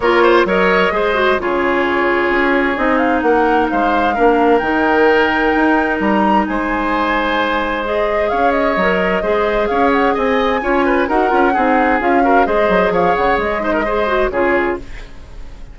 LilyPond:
<<
  \new Staff \with { instrumentName = "flute" } { \time 4/4 \tempo 4 = 130 cis''4 dis''2 cis''4~ | cis''2 dis''8 f''8 fis''4 | f''2 g''2~ | g''4 ais''4 gis''2~ |
gis''4 dis''4 f''8 dis''4.~ | dis''4 f''8 fis''8 gis''2 | fis''2 f''4 dis''4 | f''8 fis''8 dis''2 cis''4 | }
  \new Staff \with { instrumentName = "oboe" } { \time 4/4 ais'8 c''8 cis''4 c''4 gis'4~ | gis'2. ais'4 | c''4 ais'2.~ | ais'2 c''2~ |
c''2 cis''2 | c''4 cis''4 dis''4 cis''8 b'8 | ais'4 gis'4. ais'8 c''4 | cis''4. c''16 ais'16 c''4 gis'4 | }
  \new Staff \with { instrumentName = "clarinet" } { \time 4/4 f'4 ais'4 gis'8 fis'8 f'4~ | f'2 dis'2~ | dis'4 d'4 dis'2~ | dis'1~ |
dis'4 gis'2 ais'4 | gis'2. f'4 | fis'8 f'8 dis'4 f'8 fis'8 gis'4~ | gis'4. dis'8 gis'8 fis'8 f'4 | }
  \new Staff \with { instrumentName = "bassoon" } { \time 4/4 ais4 fis4 gis4 cis4~ | cis4 cis'4 c'4 ais4 | gis4 ais4 dis2 | dis'4 g4 gis2~ |
gis2 cis'4 fis4 | gis4 cis'4 c'4 cis'4 | dis'8 cis'8 c'4 cis'4 gis8 fis8 | f8 cis8 gis2 cis4 | }
>>